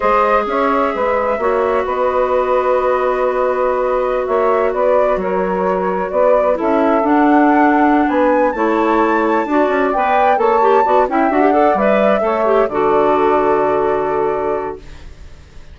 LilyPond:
<<
  \new Staff \with { instrumentName = "flute" } { \time 4/4 \tempo 4 = 130 dis''4 e''2. | dis''1~ | dis''4~ dis''16 e''4 d''4 cis''8.~ | cis''4~ cis''16 d''4 e''4 fis''8.~ |
fis''4. gis''4 a''4.~ | a''4. g''4 a''4. | g''8 fis''4 e''2 d''8~ | d''1 | }
  \new Staff \with { instrumentName = "saxophone" } { \time 4/4 c''4 cis''4 b'4 cis''4 | b'1~ | b'4~ b'16 cis''4 b'4 ais'8.~ | ais'4~ ais'16 b'4 a'4.~ a'16~ |
a'4. b'4 cis''4.~ | cis''8 d''2 cis''4 d''8 | e''4 d''4. cis''4 a'8~ | a'1 | }
  \new Staff \with { instrumentName = "clarinet" } { \time 4/4 gis'2. fis'4~ | fis'1~ | fis'1~ | fis'2~ fis'16 e'4 d'8.~ |
d'2~ d'8 e'4.~ | e'8 fis'4 b'4 a'8 g'8 fis'8 | e'8 fis'16 g'16 a'8 b'4 a'8 g'8 fis'8~ | fis'1 | }
  \new Staff \with { instrumentName = "bassoon" } { \time 4/4 gis4 cis'4 gis4 ais4 | b1~ | b4~ b16 ais4 b4 fis8.~ | fis4~ fis16 b4 cis'4 d'8.~ |
d'4. b4 a4.~ | a8 d'8 cis'8 b4 ais4 b8 | cis'8 d'4 g4 a4 d8~ | d1 | }
>>